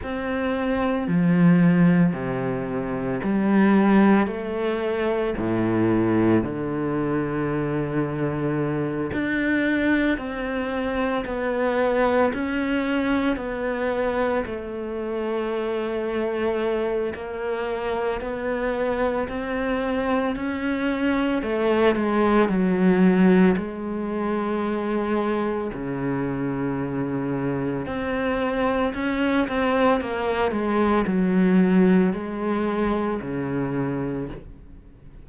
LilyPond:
\new Staff \with { instrumentName = "cello" } { \time 4/4 \tempo 4 = 56 c'4 f4 c4 g4 | a4 a,4 d2~ | d8 d'4 c'4 b4 cis'8~ | cis'8 b4 a2~ a8 |
ais4 b4 c'4 cis'4 | a8 gis8 fis4 gis2 | cis2 c'4 cis'8 c'8 | ais8 gis8 fis4 gis4 cis4 | }